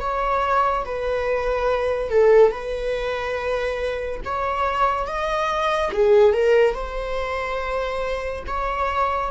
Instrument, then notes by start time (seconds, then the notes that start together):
viola
0.00 C#5
0.85 B4
2.10 A4
2.52 B4
4.24 C#5
5.07 D#5
5.92 G#4
6.33 A#4
6.74 C5
8.47 C#5